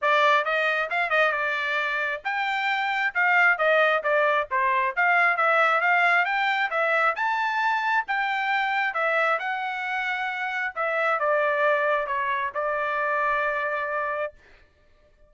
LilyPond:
\new Staff \with { instrumentName = "trumpet" } { \time 4/4 \tempo 4 = 134 d''4 dis''4 f''8 dis''8 d''4~ | d''4 g''2 f''4 | dis''4 d''4 c''4 f''4 | e''4 f''4 g''4 e''4 |
a''2 g''2 | e''4 fis''2. | e''4 d''2 cis''4 | d''1 | }